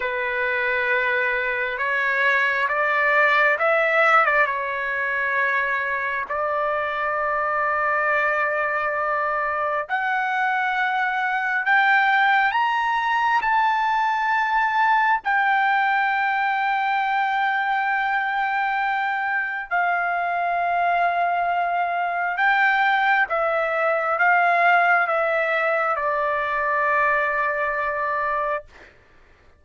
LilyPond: \new Staff \with { instrumentName = "trumpet" } { \time 4/4 \tempo 4 = 67 b'2 cis''4 d''4 | e''8. d''16 cis''2 d''4~ | d''2. fis''4~ | fis''4 g''4 ais''4 a''4~ |
a''4 g''2.~ | g''2 f''2~ | f''4 g''4 e''4 f''4 | e''4 d''2. | }